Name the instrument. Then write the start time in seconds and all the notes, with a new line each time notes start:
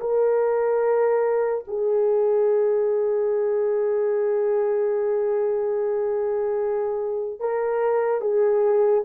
horn
0.00 A#4
1.67 G#4
7.39 A#4
8.21 G#4